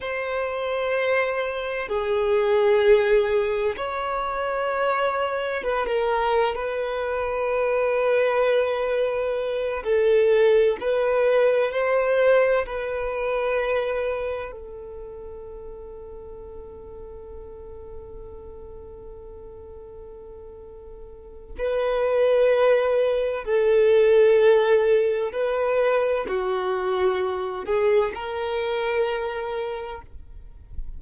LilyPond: \new Staff \with { instrumentName = "violin" } { \time 4/4 \tempo 4 = 64 c''2 gis'2 | cis''2 b'16 ais'8. b'4~ | b'2~ b'8 a'4 b'8~ | b'8 c''4 b'2 a'8~ |
a'1~ | a'2. b'4~ | b'4 a'2 b'4 | fis'4. gis'8 ais'2 | }